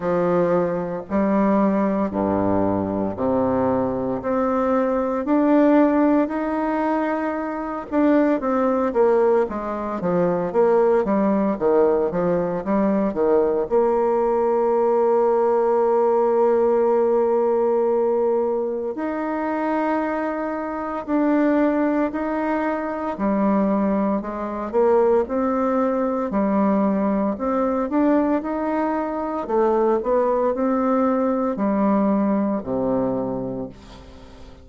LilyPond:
\new Staff \with { instrumentName = "bassoon" } { \time 4/4 \tempo 4 = 57 f4 g4 g,4 c4 | c'4 d'4 dis'4. d'8 | c'8 ais8 gis8 f8 ais8 g8 dis8 f8 | g8 dis8 ais2.~ |
ais2 dis'2 | d'4 dis'4 g4 gis8 ais8 | c'4 g4 c'8 d'8 dis'4 | a8 b8 c'4 g4 c4 | }